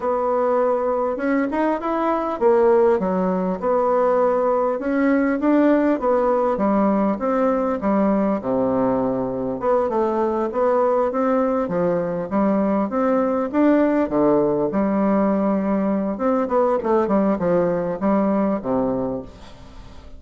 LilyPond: \new Staff \with { instrumentName = "bassoon" } { \time 4/4 \tempo 4 = 100 b2 cis'8 dis'8 e'4 | ais4 fis4 b2 | cis'4 d'4 b4 g4 | c'4 g4 c2 |
b8 a4 b4 c'4 f8~ | f8 g4 c'4 d'4 d8~ | d8 g2~ g8 c'8 b8 | a8 g8 f4 g4 c4 | }